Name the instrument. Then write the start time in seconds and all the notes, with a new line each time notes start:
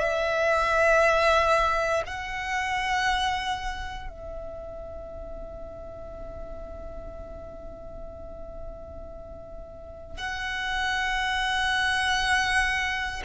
violin
0.00 E5
2.07 F#5
4.10 E5
10.18 F#5